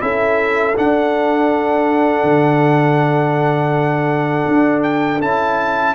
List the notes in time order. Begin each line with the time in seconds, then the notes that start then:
0.00 C#4 E4 A4 E5
0.76 D4 F#5
2.23 D3
4.48 D4
4.83 G5
5.21 C#4 E4 A5